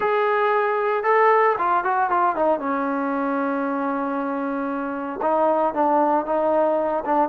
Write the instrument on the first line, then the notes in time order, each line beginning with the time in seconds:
trombone
0.00 G#4
1.03 A4
1.58 F4
1.84 F#4
2.10 F4
2.35 D#4
2.59 C#4
5.22 D#4
5.74 D4
6.25 D#4
7.05 D4